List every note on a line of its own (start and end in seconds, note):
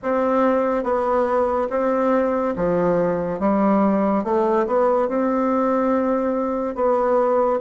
0.02 0.83 C4
0.83 1.67 B3
1.70 2.54 C4
2.55 3.39 F3
3.39 4.24 G3
4.24 4.66 A3
4.67 5.08 B3
5.08 6.75 C4
6.75 7.59 B3